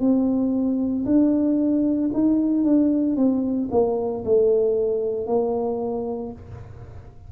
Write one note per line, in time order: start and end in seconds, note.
0.00 1.05 C4
1.06 2.11 D4
2.13 2.64 D#4
2.64 3.16 D4
3.16 3.69 C4
3.71 4.24 A#3
4.25 5.27 A3
5.27 6.32 A#3